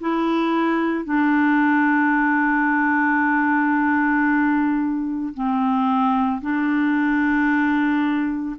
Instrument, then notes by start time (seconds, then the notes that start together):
clarinet
0.00 E4
1.05 D4
5.34 C4
6.41 D4